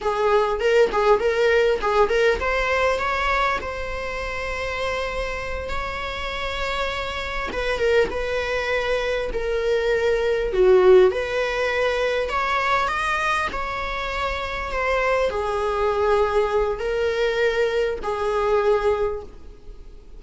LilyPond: \new Staff \with { instrumentName = "viola" } { \time 4/4 \tempo 4 = 100 gis'4 ais'8 gis'8 ais'4 gis'8 ais'8 | c''4 cis''4 c''2~ | c''4. cis''2~ cis''8~ | cis''8 b'8 ais'8 b'2 ais'8~ |
ais'4. fis'4 b'4.~ | b'8 cis''4 dis''4 cis''4.~ | cis''8 c''4 gis'2~ gis'8 | ais'2 gis'2 | }